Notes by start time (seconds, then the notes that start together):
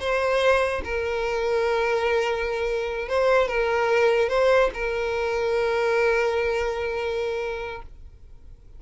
0.00 C5
0.84 A#4
3.09 C5
3.48 A#4
4.29 C5
4.74 A#4